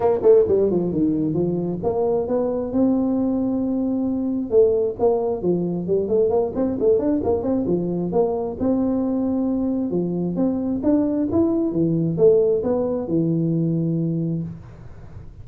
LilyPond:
\new Staff \with { instrumentName = "tuba" } { \time 4/4 \tempo 4 = 133 ais8 a8 g8 f8 dis4 f4 | ais4 b4 c'2~ | c'2 a4 ais4 | f4 g8 a8 ais8 c'8 a8 d'8 |
ais8 c'8 f4 ais4 c'4~ | c'2 f4 c'4 | d'4 e'4 e4 a4 | b4 e2. | }